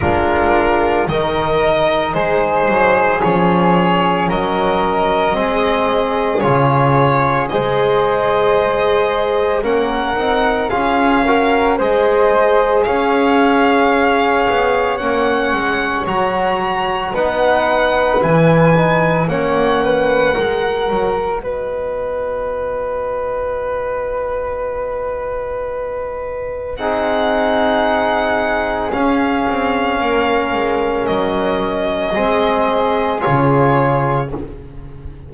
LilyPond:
<<
  \new Staff \with { instrumentName = "violin" } { \time 4/4 \tempo 4 = 56 ais'4 dis''4 c''4 cis''4 | dis''2 cis''4 dis''4~ | dis''4 fis''4 f''4 dis''4 | f''2 fis''4 ais''4 |
fis''4 gis''4 fis''2 | dis''1~ | dis''4 fis''2 f''4~ | f''4 dis''2 cis''4 | }
  \new Staff \with { instrumentName = "flute" } { \time 4/4 f'4 ais'4 gis'2 | ais'4 gis'2 c''4~ | c''4 ais'4 gis'8 ais'8 c''4 | cis''1 |
b'2 cis''8 b'8 ais'4 | b'1~ | b'4 gis'2. | ais'2 gis'2 | }
  \new Staff \with { instrumentName = "trombone" } { \time 4/4 d'4 dis'2 cis'4~ | cis'4 c'4 f'4 gis'4~ | gis'4 cis'8 dis'8 f'8 fis'8 gis'4~ | gis'2 cis'4 fis'4 |
dis'4 e'8 dis'8 cis'4 fis'4~ | fis'1~ | fis'4 dis'2 cis'4~ | cis'2 c'4 f'4 | }
  \new Staff \with { instrumentName = "double bass" } { \time 4/4 gis4 dis4 gis8 fis8 f4 | fis4 gis4 cis4 gis4~ | gis4 ais8 c'8 cis'4 gis4 | cis'4. b8 ais8 gis8 fis4 |
b4 e4 ais4 gis8 fis8 | b1~ | b4 c'2 cis'8 c'8 | ais8 gis8 fis4 gis4 cis4 | }
>>